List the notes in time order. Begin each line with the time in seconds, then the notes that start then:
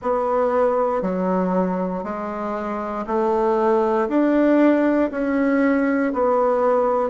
0.01 B3
1.02 F#3
2.03 G#3
3.06 A3
4.09 D4
5.11 C#4
6.12 B3